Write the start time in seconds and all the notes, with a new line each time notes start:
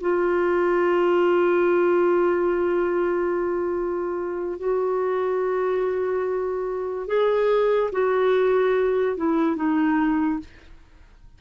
0.00 F4
4.58 F#4
7.07 G#4
7.92 F#4
9.17 E4
9.56 D#4